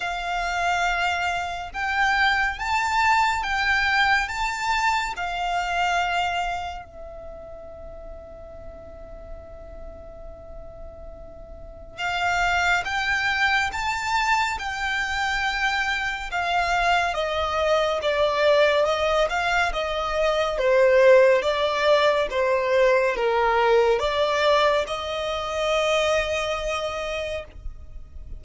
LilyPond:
\new Staff \with { instrumentName = "violin" } { \time 4/4 \tempo 4 = 70 f''2 g''4 a''4 | g''4 a''4 f''2 | e''1~ | e''2 f''4 g''4 |
a''4 g''2 f''4 | dis''4 d''4 dis''8 f''8 dis''4 | c''4 d''4 c''4 ais'4 | d''4 dis''2. | }